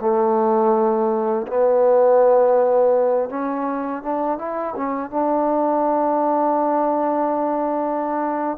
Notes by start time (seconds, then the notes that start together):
0.00 A3
1.47 B3
3.29 C#4
4.02 D4
4.38 E4
4.76 C#4
5.10 D4